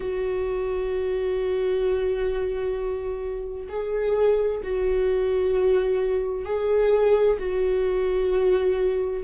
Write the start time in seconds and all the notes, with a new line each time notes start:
0.00 F#4
3.68 G#4
4.63 F#4
6.45 G#4
7.38 F#4